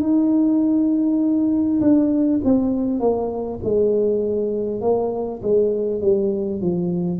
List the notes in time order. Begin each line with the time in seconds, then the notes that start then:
0.00 D#4
1.80 D4
2.44 C4
2.99 A#3
3.64 G#3
4.81 A#3
5.42 G#3
6.01 G3
6.61 F3